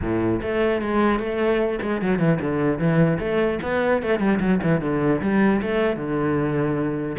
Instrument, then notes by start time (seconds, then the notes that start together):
cello
0.01 A2
0.42 A3
0.81 G#3
1.19 A3
1.81 G#3
2.01 F#3
2.19 E3
2.40 D3
2.78 E3
3.19 A3
3.62 B3
4.02 A3
4.19 G3
4.40 F#3
4.63 E3
4.80 D3
5.21 G3
5.61 A3
5.96 D3